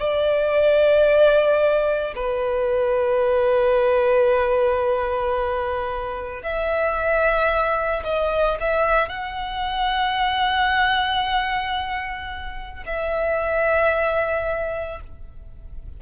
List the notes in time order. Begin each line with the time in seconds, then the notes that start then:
0.00 D5
2.16 B4
6.43 E5
8.05 D#5
8.61 E5
9.09 F#5
12.86 E5